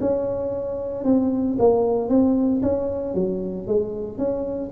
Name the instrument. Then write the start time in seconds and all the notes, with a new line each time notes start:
tuba
0.00 C#4
1.05 C4
1.59 A#3
2.09 C4
2.62 C#4
3.14 F#3
3.67 G#3
4.18 C#4